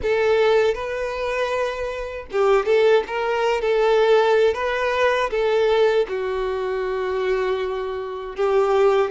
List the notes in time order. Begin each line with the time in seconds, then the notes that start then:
0.02 A4
0.74 B4
2.31 G4
2.65 A4
3.07 A#4
3.61 A4
4.54 B4
5.30 A4
6.08 F#4
8.35 G4